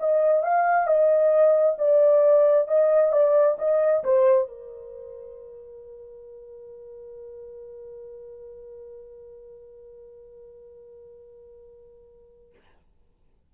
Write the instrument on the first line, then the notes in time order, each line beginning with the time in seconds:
horn
0.00 D#5
0.44 F5
0.87 D#5
1.79 D5
2.68 D#5
3.13 D5
3.59 D#5
4.04 C5
4.48 A#4